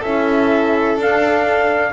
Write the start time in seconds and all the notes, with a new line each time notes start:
0.00 C#4 E4 A4 E5
0.97 D4 F5